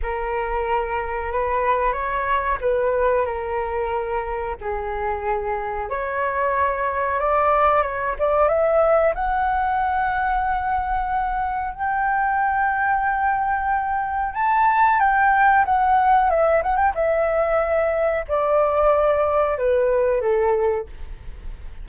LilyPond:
\new Staff \with { instrumentName = "flute" } { \time 4/4 \tempo 4 = 92 ais'2 b'4 cis''4 | b'4 ais'2 gis'4~ | gis'4 cis''2 d''4 | cis''8 d''8 e''4 fis''2~ |
fis''2 g''2~ | g''2 a''4 g''4 | fis''4 e''8 fis''16 g''16 e''2 | d''2 b'4 a'4 | }